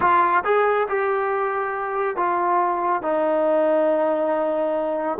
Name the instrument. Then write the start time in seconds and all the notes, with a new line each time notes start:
trombone
0.00 F4
0.44 G#4
0.88 G4
2.16 F4
3.02 D#4